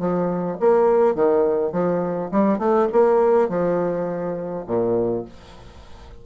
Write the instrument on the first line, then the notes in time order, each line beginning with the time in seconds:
bassoon
0.00 F3
0.60 A#3
1.15 D#3
1.73 F3
2.32 G3
2.59 A3
2.93 A#3
3.49 F3
4.67 A#2